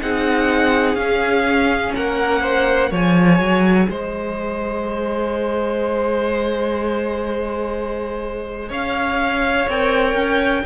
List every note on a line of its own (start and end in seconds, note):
0.00 0.95 C4
0.00 0.97 D#4
0.00 1.96 G#4
0.00 0.96 F#5
0.95 1.91 C#4
0.95 2.92 C#4
0.95 1.92 F5
1.95 2.91 A#3
1.95 2.41 A#4
1.95 2.92 F#5
2.41 2.90 C5
2.90 3.39 F3
2.90 9.69 G#4
2.90 3.87 C#5
2.90 3.91 G#5
3.39 3.87 F#3
3.89 8.70 G#3
3.89 8.69 C5
3.89 8.72 D#5
8.69 9.67 C#4
8.69 10.62 C#5
8.69 9.69 F5
9.68 10.14 C4
9.68 10.66 A#4
9.68 10.66 G5
10.14 10.63 C#4